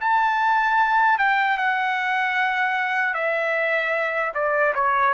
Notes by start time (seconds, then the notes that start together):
0.00 A5
1.18 G5
1.57 F#5
3.13 E5
4.34 D5
4.74 C#5